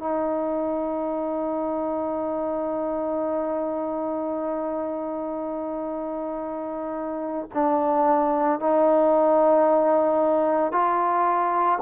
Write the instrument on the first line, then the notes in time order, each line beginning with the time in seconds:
trombone
0.00 D#4
7.55 D4
8.60 D#4
10.72 F4